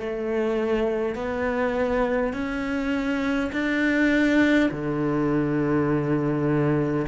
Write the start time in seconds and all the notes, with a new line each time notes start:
0.00 A3
1.16 B3
2.33 C#4
3.52 D4
4.71 D3